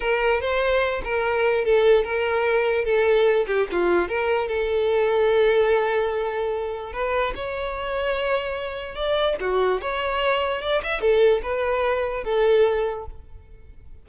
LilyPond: \new Staff \with { instrumentName = "violin" } { \time 4/4 \tempo 4 = 147 ais'4 c''4. ais'4. | a'4 ais'2 a'4~ | a'8 g'8 f'4 ais'4 a'4~ | a'1~ |
a'4 b'4 cis''2~ | cis''2 d''4 fis'4 | cis''2 d''8 e''8 a'4 | b'2 a'2 | }